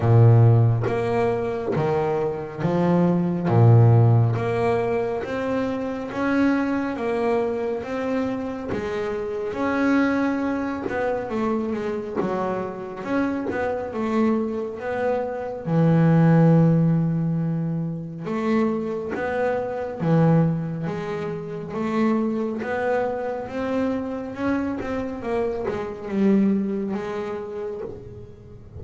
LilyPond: \new Staff \with { instrumentName = "double bass" } { \time 4/4 \tempo 4 = 69 ais,4 ais4 dis4 f4 | ais,4 ais4 c'4 cis'4 | ais4 c'4 gis4 cis'4~ | cis'8 b8 a8 gis8 fis4 cis'8 b8 |
a4 b4 e2~ | e4 a4 b4 e4 | gis4 a4 b4 c'4 | cis'8 c'8 ais8 gis8 g4 gis4 | }